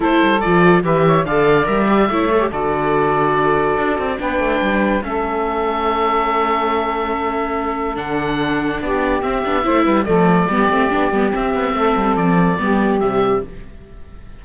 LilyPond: <<
  \new Staff \with { instrumentName = "oboe" } { \time 4/4 \tempo 4 = 143 c''4 d''4 e''4 f''4 | e''2 d''2~ | d''2 g''2 | e''1~ |
e''2. fis''4~ | fis''4 d''4 e''2 | d''2. e''4~ | e''4 d''2 e''4 | }
  \new Staff \with { instrumentName = "saxophone" } { \time 4/4 a'2 b'8 cis''8 d''4~ | d''4 cis''4 a'2~ | a'2 b'2 | a'1~ |
a'1~ | a'4 g'2 c''8 b'8 | a'4 g'2. | a'2 g'2 | }
  \new Staff \with { instrumentName = "viola" } { \time 4/4 e'4 f'4 g'4 a'4 | ais'8 g'8 e'8 a'16 g'16 fis'2~ | fis'2 d'2 | cis'1~ |
cis'2. d'4~ | d'2 c'8 d'8 e'4 | a4 b8 c'8 d'8 b8 c'4~ | c'2 b4 g4 | }
  \new Staff \with { instrumentName = "cello" } { \time 4/4 a8 g8 f4 e4 d4 | g4 a4 d2~ | d4 d'8 c'8 b8 a8 g4 | a1~ |
a2. d4~ | d4 b4 c'8 b8 a8 g8 | f4 g8 a8 b8 g8 c'8 b8 | a8 g8 f4 g4 c4 | }
>>